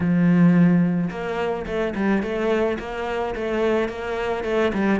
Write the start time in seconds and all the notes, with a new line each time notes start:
0.00 F3
1.10 A#3
1.66 A3
1.95 G3
2.22 A3
2.79 A#3
3.35 A3
3.88 A#3
4.44 A3
4.73 G3